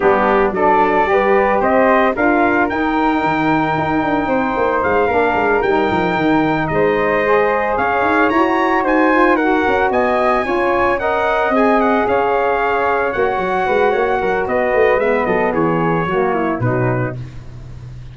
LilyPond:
<<
  \new Staff \with { instrumentName = "trumpet" } { \time 4/4 \tempo 4 = 112 g'4 d''2 dis''4 | f''4 g''2.~ | g''4 f''4. g''4.~ | g''8 dis''2 f''4 ais''8~ |
ais''8 gis''4 fis''4 gis''4.~ | gis''8 fis''4 gis''8 fis''8 f''4.~ | f''8 fis''2~ fis''8 dis''4 | e''8 dis''8 cis''2 b'4 | }
  \new Staff \with { instrumentName = "flute" } { \time 4/4 d'4 a'4 b'4 c''4 | ais'1 | c''4. ais'2~ ais'8~ | ais'8 c''2 cis''4.~ |
cis''8 c''4 ais'4 dis''4 cis''8~ | cis''8 dis''2 cis''4.~ | cis''4. b'8 cis''8 ais'8 b'4~ | b'8 a'8 gis'4 fis'8 e'8 dis'4 | }
  \new Staff \with { instrumentName = "saxophone" } { \time 4/4 b4 d'4 g'2 | f'4 dis'2.~ | dis'4. d'4 dis'4.~ | dis'4. gis'2 fis'8~ |
fis'4 f'8 fis'2 f'8~ | f'8 ais'4 gis'2~ gis'8~ | gis'8 fis'2.~ fis'8 | b2 ais4 fis4 | }
  \new Staff \with { instrumentName = "tuba" } { \time 4/4 g4 fis4 g4 c'4 | d'4 dis'4 dis4 dis'8 d'8 | c'8 ais8 gis8 ais8 gis8 g8 f8 dis8~ | dis8 gis2 cis'8 dis'8 e'8~ |
e'8 dis'4. cis'8 b4 cis'8~ | cis'4. c'4 cis'4.~ | cis'8 ais8 fis8 gis8 ais8 fis8 b8 a8 | gis8 fis8 e4 fis4 b,4 | }
>>